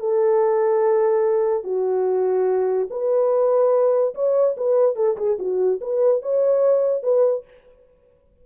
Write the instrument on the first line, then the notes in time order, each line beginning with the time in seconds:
horn
0.00 A4
1.64 F#4
2.90 B4
4.15 C#5
4.57 B4
4.96 A4
5.17 G#4
5.39 F#4
5.81 B4
6.22 C#5
7.03 B4